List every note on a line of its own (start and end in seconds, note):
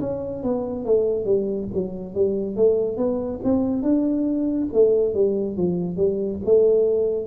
0.00 0.43 C#4
0.43 0.85 B3
0.85 1.25 A3
1.25 1.68 G3
1.74 2.14 F#3
2.14 2.56 G3
2.56 2.97 A3
2.97 3.40 B3
3.44 3.83 C4
3.83 4.68 D4
4.73 5.14 A3
5.14 5.56 G3
5.56 5.96 F3
5.96 6.39 G3
6.45 7.27 A3